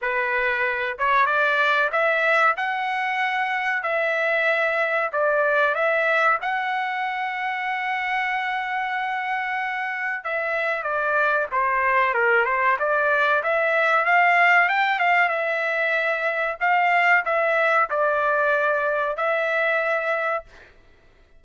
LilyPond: \new Staff \with { instrumentName = "trumpet" } { \time 4/4 \tempo 4 = 94 b'4. cis''8 d''4 e''4 | fis''2 e''2 | d''4 e''4 fis''2~ | fis''1 |
e''4 d''4 c''4 ais'8 c''8 | d''4 e''4 f''4 g''8 f''8 | e''2 f''4 e''4 | d''2 e''2 | }